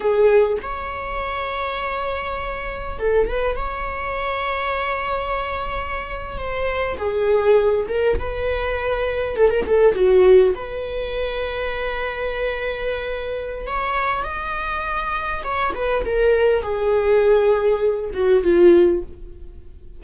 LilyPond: \new Staff \with { instrumentName = "viola" } { \time 4/4 \tempo 4 = 101 gis'4 cis''2.~ | cis''4 a'8 b'8 cis''2~ | cis''2~ cis''8. c''4 gis'16~ | gis'4~ gis'16 ais'8 b'2 a'16 |
ais'16 a'8 fis'4 b'2~ b'16~ | b'2. cis''4 | dis''2 cis''8 b'8 ais'4 | gis'2~ gis'8 fis'8 f'4 | }